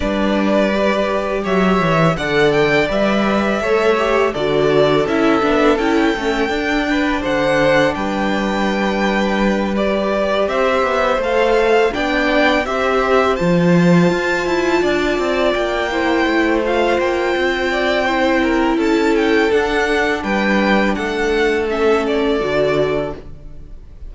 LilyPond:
<<
  \new Staff \with { instrumentName = "violin" } { \time 4/4 \tempo 4 = 83 d''2 e''4 fis''8 g''8 | e''2 d''4 e''4 | g''2 fis''4 g''4~ | g''4. d''4 e''4 f''8~ |
f''8 g''4 e''4 a''4.~ | a''4. g''4. f''8 g''8~ | g''2 a''8 g''8 fis''4 | g''4 fis''4 e''8 d''4. | }
  \new Staff \with { instrumentName = "violin" } { \time 4/4 b'2 cis''4 d''4~ | d''4 cis''4 a'2~ | a'4. b'8 c''4 b'4~ | b'2~ b'8 c''4.~ |
c''8 d''4 c''2~ c''8~ | c''8 d''4. c''2~ | c''8 d''8 c''8 ais'8 a'2 | b'4 a'2. | }
  \new Staff \with { instrumentName = "viola" } { \time 4/4 d'4 g'2 a'4 | b'4 a'8 g'8 fis'4 e'8 d'8 | e'8 cis'8 d'2.~ | d'4. g'2 a'8~ |
a'8 d'4 g'4 f'4.~ | f'2 e'4 f'4~ | f'4 e'2 d'4~ | d'2 cis'4 fis'4 | }
  \new Staff \with { instrumentName = "cello" } { \time 4/4 g2 fis8 e8 d4 | g4 a4 d4 cis'8 b8 | cis'8 a8 d'4 d4 g4~ | g2~ g8 c'8 b8 a8~ |
a8 b4 c'4 f4 f'8 | e'8 d'8 c'8 ais4 a4 ais8 | c'2 cis'4 d'4 | g4 a2 d4 | }
>>